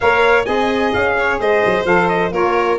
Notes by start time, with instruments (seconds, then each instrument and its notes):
0.00 tuba A#3, saxophone A#4, violin C#5, trumpet F5
0.44 tuba C4, saxophone G#4, violin D#5, trumpet G#5
0.93 tuba C#4, trumpet F5
1.18 violin C#5
1.39 tuba G#3, violin C5, trumpet D#5
1.65 tuba F#3
1.84 tuba F3, saxophone A4, trumpet F5
2.08 trumpet D#5
2.31 tuba A#3, saxophone F4, violin A#4, trumpet C#5